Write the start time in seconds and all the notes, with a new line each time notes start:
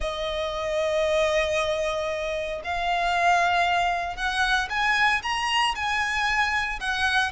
0.00 D#5
2.64 F5
4.16 F#5
4.69 G#5
5.22 A#5
5.75 G#5
6.79 F#5